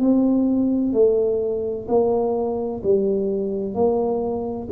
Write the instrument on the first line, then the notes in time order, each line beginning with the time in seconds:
tuba
0.00 C4
0.93 A3
1.88 A#3
2.83 G3
3.75 A#3